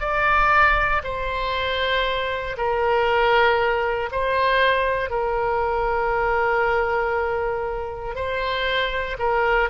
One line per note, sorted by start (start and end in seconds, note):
0.00 1.02 D5
1.04 2.57 C5
2.57 4.10 A#4
4.12 5.10 C5
5.10 8.15 A#4
8.15 9.17 C5
9.18 9.69 A#4